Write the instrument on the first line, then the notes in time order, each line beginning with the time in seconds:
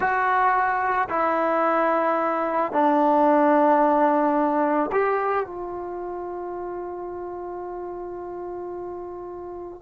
trombone
0.00 F#4
1.09 E4
2.72 D4
4.92 G4
5.45 F4